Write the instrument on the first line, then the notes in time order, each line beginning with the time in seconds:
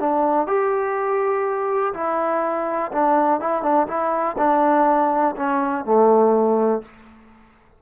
trombone
0.00 D4
0.47 G4
1.94 E4
2.92 D4
3.41 E4
3.63 D4
3.87 E4
4.38 D4
5.36 C#4
5.85 A3